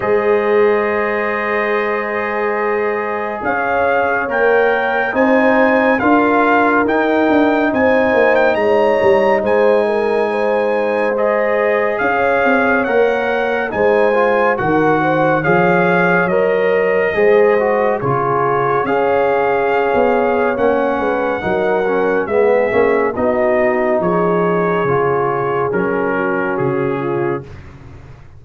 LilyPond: <<
  \new Staff \with { instrumentName = "trumpet" } { \time 4/4 \tempo 4 = 70 dis''1 | f''4 g''4 gis''4 f''4 | g''4 gis''8. g''16 ais''4 gis''4~ | gis''4 dis''4 f''4 fis''4 |
gis''4 fis''4 f''4 dis''4~ | dis''4 cis''4 f''2 | fis''2 e''4 dis''4 | cis''2 ais'4 gis'4 | }
  \new Staff \with { instrumentName = "horn" } { \time 4/4 c''1 | cis''2 c''4 ais'4~ | ais'4 c''4 cis''4 c''8 ais'8 | c''2 cis''2 |
c''4 ais'8 c''8 cis''2 | c''4 gis'4 cis''2~ | cis''8 b'8 ais'4 gis'4 fis'4 | gis'2~ gis'8 fis'4 f'8 | }
  \new Staff \with { instrumentName = "trombone" } { \time 4/4 gis'1~ | gis'4 ais'4 dis'4 f'4 | dis'1~ | dis'4 gis'2 ais'4 |
dis'8 f'8 fis'4 gis'4 ais'4 | gis'8 fis'8 f'4 gis'2 | cis'4 dis'8 cis'8 b8 cis'8 dis'4~ | dis'4 f'4 cis'2 | }
  \new Staff \with { instrumentName = "tuba" } { \time 4/4 gis1 | cis'4 ais4 c'4 d'4 | dis'8 d'8 c'8 ais8 gis8 g8 gis4~ | gis2 cis'8 c'8 ais4 |
gis4 dis4 f4 fis4 | gis4 cis4 cis'4~ cis'16 b8. | ais8 gis8 fis4 gis8 ais8 b4 | f4 cis4 fis4 cis4 | }
>>